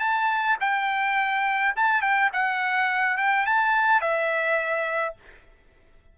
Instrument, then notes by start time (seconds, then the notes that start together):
trumpet
0.00 A5
0.61 G5
1.77 A5
2.02 G5
2.33 F#5
3.18 G5
3.46 A5
4.02 E5